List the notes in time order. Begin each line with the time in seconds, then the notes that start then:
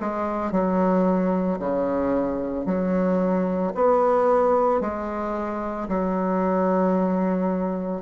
0.00 G#3
0.52 F#3
1.60 C#3
2.66 F#3
3.75 B3
4.81 G#3
5.88 F#3